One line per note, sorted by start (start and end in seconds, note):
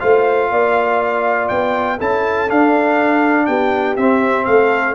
0.00 0.51 A3
0.00 1.98 F4
0.00 0.50 C5
0.00 1.49 F5
0.51 1.50 A#3
0.51 1.98 D5
1.49 2.00 B3
1.49 1.98 G5
1.98 2.50 C#4
1.98 2.48 E4
1.98 3.47 A4
1.98 2.50 A5
2.48 3.97 D4
2.48 3.48 D4
2.48 3.46 F5
3.46 3.97 B3
3.46 4.46 G4
3.46 3.96 G5
3.96 4.46 C4
3.96 4.95 C4
3.96 4.45 E5
4.45 4.95 A3
4.45 4.95 A4
4.45 4.95 F5